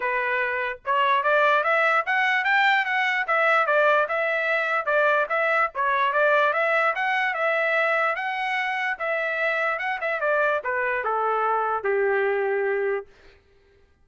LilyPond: \new Staff \with { instrumentName = "trumpet" } { \time 4/4 \tempo 4 = 147 b'2 cis''4 d''4 | e''4 fis''4 g''4 fis''4 | e''4 d''4 e''2 | d''4 e''4 cis''4 d''4 |
e''4 fis''4 e''2 | fis''2 e''2 | fis''8 e''8 d''4 b'4 a'4~ | a'4 g'2. | }